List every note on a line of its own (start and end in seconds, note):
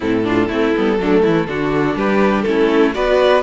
0.00 0.48 A2
0.00 0.24 C4
0.00 0.21 E4
0.00 1.97 A4
0.24 0.48 D4
0.24 0.48 F4
0.48 0.73 A3
0.48 0.75 C4
0.48 0.97 E4
0.75 0.99 G3
0.75 0.99 B3
0.99 1.23 F#3
0.99 1.47 A3
0.99 1.22 D4
1.22 1.46 E3
1.22 1.47 E4
1.46 1.95 D3
1.46 2.46 D4
1.46 1.96 F#4
1.95 2.44 G3
1.95 2.45 G4
1.95 2.42 B4
2.42 2.95 A3
2.42 2.93 C#4
2.42 2.91 A4
2.48 2.94 E4
2.93 3.43 B3
2.93 3.43 F#4
2.93 3.43 B4
2.93 3.43 D5